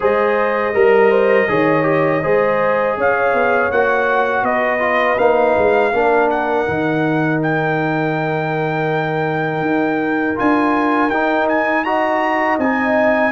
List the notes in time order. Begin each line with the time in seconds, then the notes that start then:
0.00 G#3 G#4 C5 D#5
0.74 G3 A#4
1.09 C5
1.48 D#3 G#4 C#5
1.82 G4
2.23 G#3 G#4 C5
2.97 C#4 C#5 F5
3.33 B3
3.71 A#3 F#4 F#5
4.42 B3 B4 D#5
4.79 F4
5.18 A#3 D#4 F5
5.57 G#3
5.93 A#3 D4 A#4
6.29 F#5
6.66 D#3 D#4
7.42 G5
9.60 D#4
10.35 D4 F4 G#5
11.08 D#4 G5
11.48 G#5
11.84 F#4 D#5 A#5
12.58 C4 D#4 G#5